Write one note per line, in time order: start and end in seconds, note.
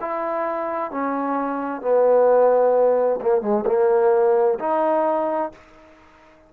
0.00 0.91 E4
0.91 1.81 C#4
1.81 3.20 B3
3.21 3.41 A#3
3.41 3.64 G#3
3.66 4.58 A#3
4.59 5.51 D#4